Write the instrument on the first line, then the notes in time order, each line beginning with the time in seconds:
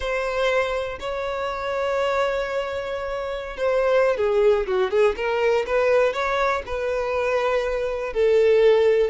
violin
0.00 C5
0.99 C#5
3.56 C5
4.17 G#4
4.67 F#4
4.90 G#4
5.16 A#4
5.66 B4
6.13 C#5
6.66 B4
8.13 A4